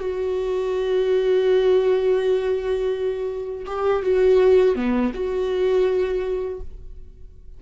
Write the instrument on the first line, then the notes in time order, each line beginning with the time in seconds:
viola
0.00 F#4
3.67 G4
4.03 F#4
4.76 B3
5.15 F#4